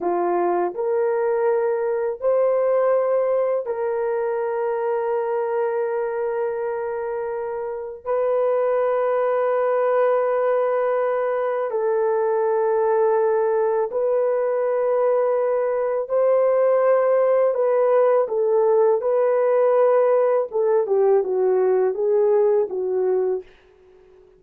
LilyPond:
\new Staff \with { instrumentName = "horn" } { \time 4/4 \tempo 4 = 82 f'4 ais'2 c''4~ | c''4 ais'2.~ | ais'2. b'4~ | b'1 |
a'2. b'4~ | b'2 c''2 | b'4 a'4 b'2 | a'8 g'8 fis'4 gis'4 fis'4 | }